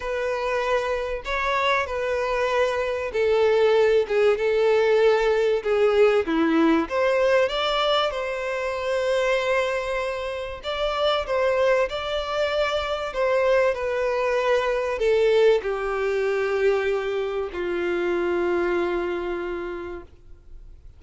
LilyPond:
\new Staff \with { instrumentName = "violin" } { \time 4/4 \tempo 4 = 96 b'2 cis''4 b'4~ | b'4 a'4. gis'8 a'4~ | a'4 gis'4 e'4 c''4 | d''4 c''2.~ |
c''4 d''4 c''4 d''4~ | d''4 c''4 b'2 | a'4 g'2. | f'1 | }